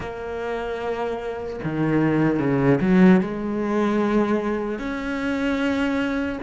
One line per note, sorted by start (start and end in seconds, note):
0.00 1.59 A#3
1.64 2.39 D#3
2.39 2.79 C#3
2.80 3.20 F#3
3.20 4.78 G#3
4.78 6.38 C#4